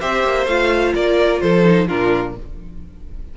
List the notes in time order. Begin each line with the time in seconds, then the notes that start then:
0.00 C4 G4 C5 E5
0.24 A#3
0.46 A3 F4 F5
0.95 A#3 A#4 D5
1.41 F3 A4 C5
1.64 D#4
1.88 A#2 D4 F4 A#4